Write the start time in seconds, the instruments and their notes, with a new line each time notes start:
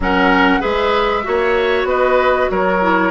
0.00 bassoon F#3, clarinet C#4, oboe A#4, flute F#5
0.60 bassoon G#3, clarinet G#4, oboe B4, flute E5
1.23 bassoon A#3, clarinet F#4, oboe C#5
1.84 bassoon B3, oboe B4, flute D#5
2.50 bassoon F#3, oboe A#4, flute C#5
2.81 clarinet E4